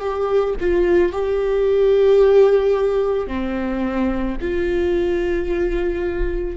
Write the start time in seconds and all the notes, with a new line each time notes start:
0.00 G4
0.60 F4
1.13 G4
3.27 C4
4.41 F4